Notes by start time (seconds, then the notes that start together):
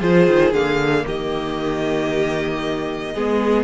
0.00 F3 F4 G#4 C5
0.27 D#3
0.52 D3 A#3 F5
1.06 D#3 G4 D#5
3.14 G#3 B3 G#4